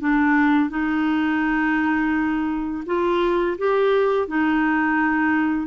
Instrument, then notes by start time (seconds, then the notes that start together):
clarinet
0.00 D4
0.70 D#4
2.86 F4
3.58 G4
4.28 D#4